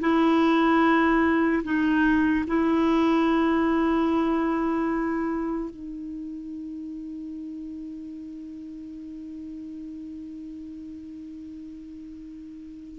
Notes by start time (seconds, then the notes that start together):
0.00 E4
1.64 D#4
2.47 E4
5.70 D#4